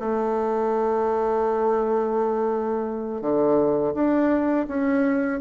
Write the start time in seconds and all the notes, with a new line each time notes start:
0.00 A3
3.21 D3
3.94 D4
4.68 C#4